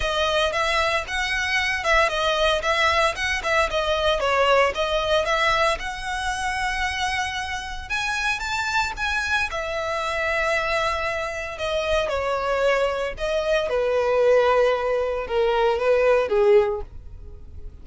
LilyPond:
\new Staff \with { instrumentName = "violin" } { \time 4/4 \tempo 4 = 114 dis''4 e''4 fis''4. e''8 | dis''4 e''4 fis''8 e''8 dis''4 | cis''4 dis''4 e''4 fis''4~ | fis''2. gis''4 |
a''4 gis''4 e''2~ | e''2 dis''4 cis''4~ | cis''4 dis''4 b'2~ | b'4 ais'4 b'4 gis'4 | }